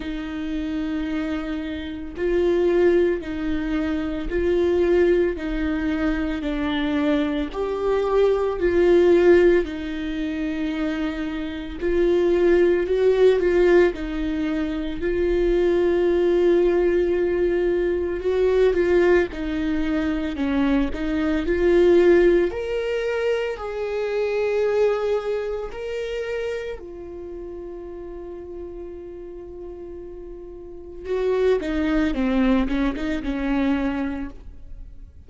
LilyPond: \new Staff \with { instrumentName = "viola" } { \time 4/4 \tempo 4 = 56 dis'2 f'4 dis'4 | f'4 dis'4 d'4 g'4 | f'4 dis'2 f'4 | fis'8 f'8 dis'4 f'2~ |
f'4 fis'8 f'8 dis'4 cis'8 dis'8 | f'4 ais'4 gis'2 | ais'4 f'2.~ | f'4 fis'8 dis'8 c'8 cis'16 dis'16 cis'4 | }